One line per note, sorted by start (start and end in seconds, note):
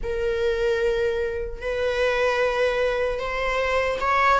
0.03 1.61 A#4
1.61 3.19 B4
3.19 3.99 C5
4.00 4.39 C#5